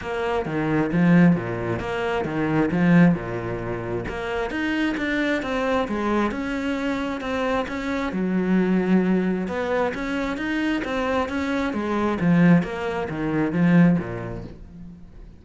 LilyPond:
\new Staff \with { instrumentName = "cello" } { \time 4/4 \tempo 4 = 133 ais4 dis4 f4 ais,4 | ais4 dis4 f4 ais,4~ | ais,4 ais4 dis'4 d'4 | c'4 gis4 cis'2 |
c'4 cis'4 fis2~ | fis4 b4 cis'4 dis'4 | c'4 cis'4 gis4 f4 | ais4 dis4 f4 ais,4 | }